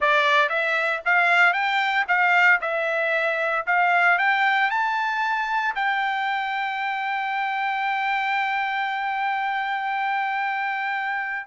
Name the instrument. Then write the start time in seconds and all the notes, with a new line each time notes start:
trumpet
0.00 D5
0.49 E5
1.05 F5
1.53 G5
2.08 F5
2.61 E5
3.66 F5
4.18 G5
4.70 A5
5.75 G5